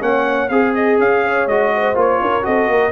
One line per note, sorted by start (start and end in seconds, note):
0.00 0.50 A#3
0.00 0.49 C#4
0.00 0.51 C#5
0.00 0.49 F#5
0.49 0.99 C4
0.49 1.24 G#4
0.49 1.49 G#4
0.49 0.73 F5
0.75 0.99 D#5
0.99 1.47 C#4
0.99 1.48 F5
1.24 1.73 C#5
1.47 1.95 G#3
1.47 1.95 F#4
1.47 1.97 D#5
1.74 2.22 C5
1.95 2.20 A#3
1.95 2.42 F4
1.95 2.45 C#5
2.21 2.46 C#4
2.21 2.46 A#4
2.42 2.68 C4
2.42 2.91 F#4
2.42 2.70 A4
2.42 2.92 D#5
2.68 2.92 A#3
2.68 2.92 A#4